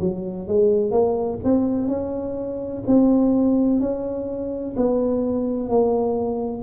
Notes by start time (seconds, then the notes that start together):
0.00 F#3
0.48 G#3
0.91 A#3
1.44 C4
1.88 C#4
2.87 C4
3.80 C#4
4.76 B3
5.69 A#3